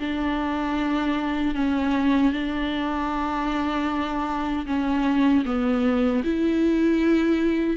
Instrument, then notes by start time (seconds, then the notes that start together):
viola
0.00 D4
1.55 C#4
2.33 D4
4.67 C#4
5.46 B3
6.25 E4